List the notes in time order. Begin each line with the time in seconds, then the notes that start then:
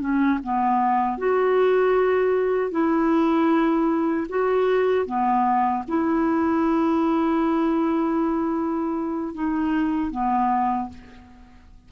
0.00 C#4
0.43 B3
1.18 F#4
2.71 E4
4.29 F#4
5.06 B3
5.88 E4
9.34 D#4
10.11 B3